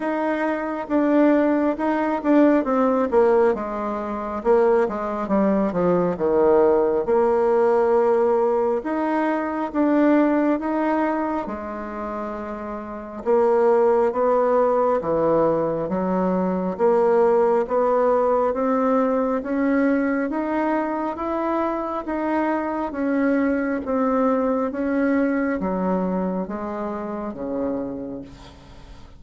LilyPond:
\new Staff \with { instrumentName = "bassoon" } { \time 4/4 \tempo 4 = 68 dis'4 d'4 dis'8 d'8 c'8 ais8 | gis4 ais8 gis8 g8 f8 dis4 | ais2 dis'4 d'4 | dis'4 gis2 ais4 |
b4 e4 fis4 ais4 | b4 c'4 cis'4 dis'4 | e'4 dis'4 cis'4 c'4 | cis'4 fis4 gis4 cis4 | }